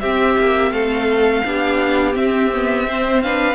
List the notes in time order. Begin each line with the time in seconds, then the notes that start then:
0.00 C4 G4 E5
0.38 A#3
0.70 A3 A4 F5
1.44 B3 D4 G4
2.12 C4 E5
2.53 B3
2.87 C4 C5
3.22 D4 B4 F5